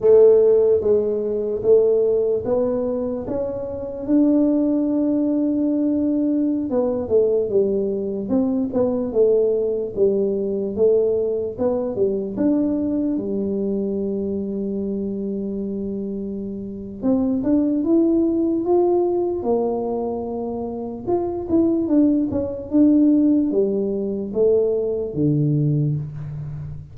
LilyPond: \new Staff \with { instrumentName = "tuba" } { \time 4/4 \tempo 4 = 74 a4 gis4 a4 b4 | cis'4 d'2.~ | d'16 b8 a8 g4 c'8 b8 a8.~ | a16 g4 a4 b8 g8 d'8.~ |
d'16 g2.~ g8.~ | g4 c'8 d'8 e'4 f'4 | ais2 f'8 e'8 d'8 cis'8 | d'4 g4 a4 d4 | }